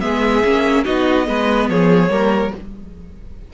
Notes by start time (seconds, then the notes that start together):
0.00 G#3 B3 G#4 E5
0.44 A#3 C#4
0.84 B3 D#4 F#4 D#5
1.25 G#3 B3 B4
1.69 F3 G#4 C#5
2.09 G3 A#3 A#4